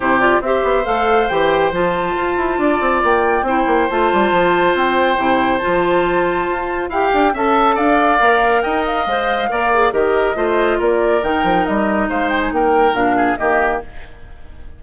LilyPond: <<
  \new Staff \with { instrumentName = "flute" } { \time 4/4 \tempo 4 = 139 c''8 d''8 e''4 f''4 g''4 | a''2. g''4~ | g''4 a''2 g''4~ | g''4 a''2. |
g''4 a''4 f''2 | g''8 f''2~ f''8 dis''4~ | dis''4 d''4 g''4 dis''4 | f''8 g''16 gis''16 g''4 f''4 dis''4 | }
  \new Staff \with { instrumentName = "oboe" } { \time 4/4 g'4 c''2.~ | c''2 d''2 | c''1~ | c''1 |
f''4 e''4 d''2 | dis''2 d''4 ais'4 | c''4 ais'2. | c''4 ais'4. gis'8 g'4 | }
  \new Staff \with { instrumentName = "clarinet" } { \time 4/4 e'8 f'8 g'4 a'4 g'4 | f'1 | e'4 f'2. | e'4 f'2. |
g'4 a'2 ais'4~ | ais'4 c''4 ais'8 gis'8 g'4 | f'2 dis'2~ | dis'2 d'4 ais4 | }
  \new Staff \with { instrumentName = "bassoon" } { \time 4/4 c4 c'8 b8 a4 e4 | f4 f'8 e'8 d'8 c'8 ais4 | c'8 ais8 a8 g8 f4 c'4 | c4 f2 f'4 |
e'8 d'8 cis'4 d'4 ais4 | dis'4 gis4 ais4 dis4 | a4 ais4 dis8 f8 g4 | gis4 ais4 ais,4 dis4 | }
>>